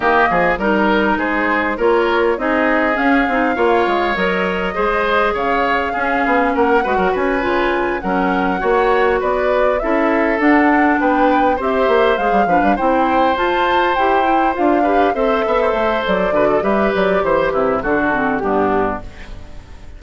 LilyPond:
<<
  \new Staff \with { instrumentName = "flute" } { \time 4/4 \tempo 4 = 101 dis''4 ais'4 c''4 cis''4 | dis''4 f''2 dis''4~ | dis''4 f''2 fis''4 | gis''4. fis''2 d''8~ |
d''8 e''4 fis''4 g''4 e''8~ | e''8 f''4 g''4 a''4 g''8~ | g''8 f''4 e''4. d''4 | e''8 d''8 c''8 b'8 a'4 g'4 | }
  \new Staff \with { instrumentName = "oboe" } { \time 4/4 g'8 gis'8 ais'4 gis'4 ais'4 | gis'2 cis''2 | c''4 cis''4 gis'4 ais'8 b'16 ais'16 | b'4. ais'4 cis''4 b'8~ |
b'8 a'2 b'4 c''8~ | c''4 b'8 c''2~ c''8~ | c''4 b'8 c''8 e''16 c''4~ c''16 b'16 a'16 | b'4 c''8 e'8 fis'4 d'4 | }
  \new Staff \with { instrumentName = "clarinet" } { \time 4/4 ais4 dis'2 f'4 | dis'4 cis'8 dis'8 f'4 ais'4 | gis'2 cis'4. fis'8~ | fis'8 f'4 cis'4 fis'4.~ |
fis'8 e'4 d'2 g'8~ | g'8 gis'8 d'8 e'4 f'4 g'8 | e'8 f'8 g'8 a'2 fis'8 | g'2 d'8 c'8 b4 | }
  \new Staff \with { instrumentName = "bassoon" } { \time 4/4 dis8 f8 g4 gis4 ais4 | c'4 cis'8 c'8 ais8 gis8 fis4 | gis4 cis4 cis'8 b8 ais8 gis16 fis16 | cis'8 cis4 fis4 ais4 b8~ |
b8 cis'4 d'4 b4 c'8 | ais8 gis16 g16 f16 g16 c'4 f'4 e'8~ | e'8 d'4 c'8 b8 a8 fis8 d8 | g8 fis8 e8 c8 d4 g,4 | }
>>